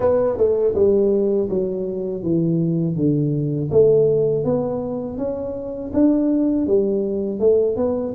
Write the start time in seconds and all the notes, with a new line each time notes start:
0.00 B3
0.37 A3
0.74 G3
1.49 F#3
2.22 E3
2.96 D3
3.71 A3
4.44 B3
5.17 C#4
5.93 D4
6.66 G3
7.39 A3
7.76 B3